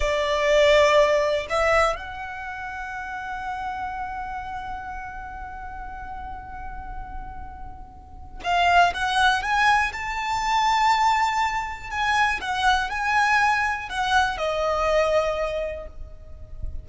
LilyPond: \new Staff \with { instrumentName = "violin" } { \time 4/4 \tempo 4 = 121 d''2. e''4 | fis''1~ | fis''1~ | fis''1~ |
fis''4 f''4 fis''4 gis''4 | a''1 | gis''4 fis''4 gis''2 | fis''4 dis''2. | }